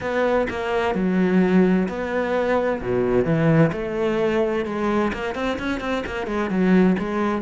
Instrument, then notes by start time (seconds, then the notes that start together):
cello
0.00 B3
0.49 A#3
0.94 F#3
1.88 B3
2.81 B2
3.24 E3
3.72 A3
4.65 G#3
5.13 A#3
5.34 C4
5.59 C#4
5.80 C4
6.06 A#3
6.26 G#3
6.49 F#3
6.99 G#3